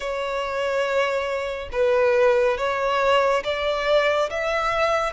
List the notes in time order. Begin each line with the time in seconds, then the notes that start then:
0.00 C#5
1.71 B4
2.57 C#5
3.44 D5
4.29 E5